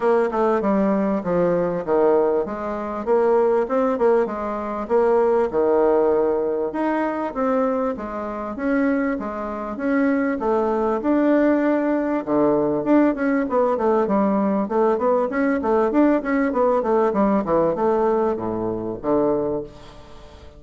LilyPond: \new Staff \with { instrumentName = "bassoon" } { \time 4/4 \tempo 4 = 98 ais8 a8 g4 f4 dis4 | gis4 ais4 c'8 ais8 gis4 | ais4 dis2 dis'4 | c'4 gis4 cis'4 gis4 |
cis'4 a4 d'2 | d4 d'8 cis'8 b8 a8 g4 | a8 b8 cis'8 a8 d'8 cis'8 b8 a8 | g8 e8 a4 a,4 d4 | }